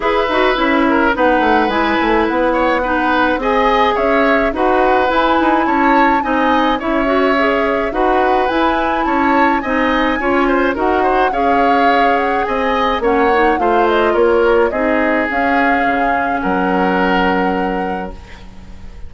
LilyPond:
<<
  \new Staff \with { instrumentName = "flute" } { \time 4/4 \tempo 4 = 106 e''2 fis''4 gis''4 | fis''2 gis''4 e''4 | fis''4 gis''4 a''4 gis''4 | e''2 fis''4 gis''4 |
a''4 gis''2 fis''4 | f''4. fis''8 gis''4 fis''4 | f''8 dis''8 cis''4 dis''4 f''4~ | f''4 fis''2. | }
  \new Staff \with { instrumentName = "oboe" } { \time 4/4 b'4. ais'8 b'2~ | b'8 cis''8 b'4 dis''4 cis''4 | b'2 cis''4 dis''4 | cis''2 b'2 |
cis''4 dis''4 cis''8 c''8 ais'8 c''8 | cis''2 dis''4 cis''4 | c''4 ais'4 gis'2~ | gis'4 ais'2. | }
  \new Staff \with { instrumentName = "clarinet" } { \time 4/4 gis'8 fis'8 e'4 dis'4 e'4~ | e'4 dis'4 gis'2 | fis'4 e'2 dis'4 | e'8 fis'8 gis'4 fis'4 e'4~ |
e'4 dis'4 f'4 fis'4 | gis'2. cis'8 dis'8 | f'2 dis'4 cis'4~ | cis'1 | }
  \new Staff \with { instrumentName = "bassoon" } { \time 4/4 e'8 dis'8 cis'4 b8 a8 gis8 a8 | b2 c'4 cis'4 | dis'4 e'8 dis'8 cis'4 c'4 | cis'2 dis'4 e'4 |
cis'4 c'4 cis'4 dis'4 | cis'2 c'4 ais4 | a4 ais4 c'4 cis'4 | cis4 fis2. | }
>>